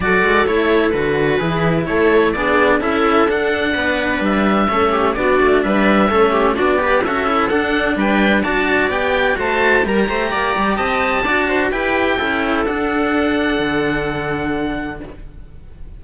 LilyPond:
<<
  \new Staff \with { instrumentName = "oboe" } { \time 4/4 \tempo 4 = 128 d''4 cis''4 b'2 | cis''4 d''4 e''4 fis''4~ | fis''4 e''2 d''4 | e''2 d''4 e''4 |
fis''4 g''4 a''4 g''4 | a''4 ais''2 a''4~ | a''4 g''2 fis''4~ | fis''1 | }
  \new Staff \with { instrumentName = "viola" } { \time 4/4 a'2. gis'4 | a'4 gis'4 a'2 | b'2 a'8 g'8 fis'4 | b'4 a'8 g'8 fis'8 b'8 a'4~ |
a'4 b'4 d''2 | c''4 ais'8 c''8 d''4 dis''4 | d''8 c''8 b'4 a'2~ | a'1 | }
  \new Staff \with { instrumentName = "cello" } { \time 4/4 fis'4 e'4 fis'4 e'4~ | e'4 d'4 e'4 d'4~ | d'2 cis'4 d'4~ | d'4 cis'4 d'8 g'8 fis'8 e'8 |
d'2 fis'4 g'4 | fis'4 g'2. | fis'4 g'4 e'4 d'4~ | d'1 | }
  \new Staff \with { instrumentName = "cello" } { \time 4/4 fis8 gis8 a4 d4 e4 | a4 b4 cis'4 d'4 | b4 g4 a4 b8 a8 | g4 a4 b4 cis'4 |
d'4 g4 d'4 b4 | a4 g8 a8 ais8 g8 c'4 | d'4 e'4 cis'4 d'4~ | d'4 d2. | }
>>